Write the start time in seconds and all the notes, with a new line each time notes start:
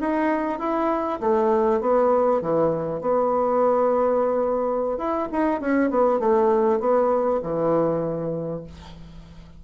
0.00 D#4
0.59 E4
1.20 A3
1.80 B3
2.41 E3
3.01 B3
4.98 E4
5.32 D#4
5.60 C#4
5.90 B3
6.19 A3
6.80 B3
7.42 E3